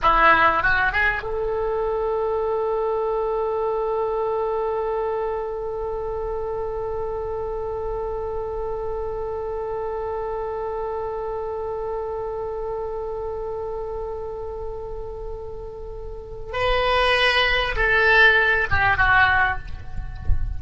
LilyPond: \new Staff \with { instrumentName = "oboe" } { \time 4/4 \tempo 4 = 98 e'4 fis'8 gis'8 a'2~ | a'1~ | a'1~ | a'1~ |
a'1~ | a'1~ | a'2. b'4~ | b'4 a'4. g'8 fis'4 | }